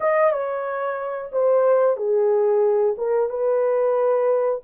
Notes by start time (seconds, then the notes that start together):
0.00 D#5
0.32 C#5
1.32 C5
1.96 G#4
2.97 A#4
3.29 B4